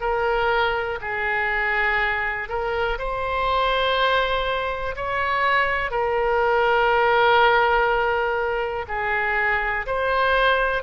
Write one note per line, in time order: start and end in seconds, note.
0.00 0.98 A#4
1.01 2.49 G#4
2.49 2.98 A#4
2.98 4.95 C5
4.96 5.91 C#5
5.91 8.86 A#4
8.87 9.86 G#4
9.86 10.83 C5